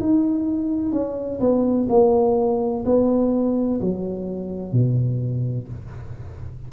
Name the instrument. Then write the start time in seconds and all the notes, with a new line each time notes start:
tuba
0.00 D#4
0.92 C#4
1.40 B3
1.89 A#3
2.85 B3
3.81 F#3
4.72 B2